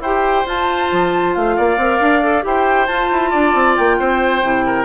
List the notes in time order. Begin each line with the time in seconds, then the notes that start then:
0.00 E4 G4 C5 G5
0.45 F4 A5
0.92 F3
1.34 A3 F5
1.56 A#3 D5
1.77 C4 A#4
2.00 D4
2.23 A4
2.42 E4 G4 C5 G5
2.87 F4 A5
3.12 E4
3.30 D4 D5
3.55 C4
3.76 A#3 G5
3.99 C4 C5
4.43 C3 E4
4.66 A#4